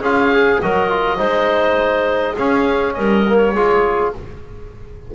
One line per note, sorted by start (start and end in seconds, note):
0.00 0.59 C#4
0.00 0.33 F4
0.00 0.59 G#4
0.00 0.61 F5
0.33 0.62 G#4
0.61 1.20 F#3
0.61 0.89 F#4
0.61 1.17 A#4
0.61 2.37 D#5
0.89 1.18 F4
1.17 2.37 G#3
1.17 2.35 D#4
1.17 2.34 C5
2.34 3.26 C#4
2.34 2.97 C#4
2.34 2.93 G#4
2.34 2.94 F5
2.94 3.55 G3
2.94 3.53 A#4
2.94 3.37 D#5
3.27 3.56 A#3
3.37 4.11 C#5
3.53 4.13 G#3
3.53 4.15 F4
3.53 4.12 G#4